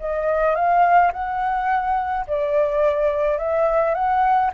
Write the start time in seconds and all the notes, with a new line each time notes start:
0.00 D#5
0.55 F5
1.12 F#5
2.27 D5
3.38 E5
3.94 F#5